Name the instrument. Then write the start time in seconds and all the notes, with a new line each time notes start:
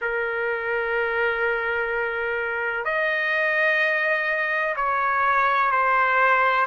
trumpet
0.01 A#4
2.84 D#5
4.76 C#5
5.71 C5